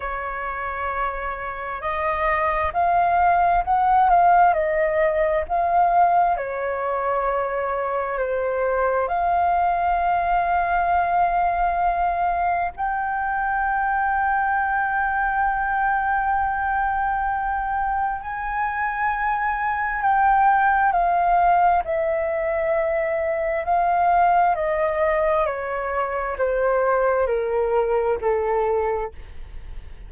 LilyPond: \new Staff \with { instrumentName = "flute" } { \time 4/4 \tempo 4 = 66 cis''2 dis''4 f''4 | fis''8 f''8 dis''4 f''4 cis''4~ | cis''4 c''4 f''2~ | f''2 g''2~ |
g''1 | gis''2 g''4 f''4 | e''2 f''4 dis''4 | cis''4 c''4 ais'4 a'4 | }